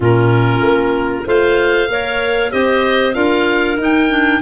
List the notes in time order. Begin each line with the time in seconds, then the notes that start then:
0.00 A#2 C#4 F4 A#4
0.60 A#3
1.24 A3 F4 C5 F5
1.89 A#3 A#4 C#5
2.51 C4 G4 C5 D#5
3.13 D4 F4 A#4 F5
3.77 D#4
3.83 G5
4.09 D4